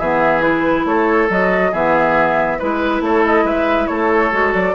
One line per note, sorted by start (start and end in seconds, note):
0.00 0.86 E3
0.00 0.42 B3
0.00 0.86 G#4
0.00 0.43 E5
0.42 1.28 E4
0.42 0.86 B4
0.86 1.29 A3
0.86 1.72 A4
0.86 1.30 C#5
1.30 1.73 F#3
1.30 1.74 F#4
1.30 1.74 D#5
1.72 2.60 E3
1.72 2.60 B3
1.72 2.58 G#4
1.72 2.60 E5
2.60 3.01 G#3
2.60 4.32 E4
2.60 3.03 B4
3.01 3.44 A3
3.01 3.46 A4
3.01 3.25 C#5
3.26 3.47 D#5
3.44 3.87 G#3
3.44 3.89 B4
3.44 3.87 E5
3.87 4.33 A3
3.87 4.75 A4
3.87 4.52 C#5
4.32 4.54 G#3
4.32 4.75 F#4
4.55 4.75 F#3
4.55 4.75 D5